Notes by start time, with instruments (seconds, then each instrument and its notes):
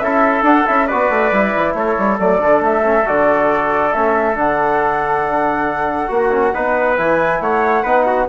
0.00 bassoon C#4, trombone E4, trumpet A4, flute E5
0.43 bassoon D4, trombone D4, flute F#5
0.67 bassoon C#4, trombone E4, flute E5
0.87 bassoon B3, trombone F#4, trumpet B4, flute D5
1.10 bassoon A3
1.32 bassoon G3, trombone E4
1.57 bassoon E3
1.74 bassoon A3, trumpet A4, flute C#5
1.98 bassoon G3
2.19 bassoon F#3, trombone A3, flute D5
2.39 bassoon D3, trombone D4
2.61 bassoon A3, flute E5
2.83 trombone C#4
3.05 bassoon D3, trombone F#4, flute D5
3.93 bassoon A3, trombone C#4, flute E5
4.35 bassoon D3, trombone D4, flute F#5
6.08 bassoon A#3, trombone F#4
6.15 trumpet F#4
6.32 trombone C#4
6.54 bassoon B3, trombone D#4, trumpet B4
6.98 bassoon E3, trombone E4, flute G#5
7.41 bassoon A3, trumpet C#5, flute F#5
7.83 bassoon B3, trombone D#4, trumpet B4
8.06 trumpet F#4